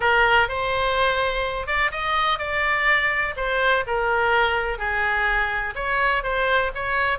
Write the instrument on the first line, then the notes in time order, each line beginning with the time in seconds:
oboe
0.00 A#4
0.48 C5
1.66 D5
1.91 D#5
2.38 D5
3.36 C5
3.86 A#4
4.78 G#4
5.75 C#5
6.23 C5
6.74 C#5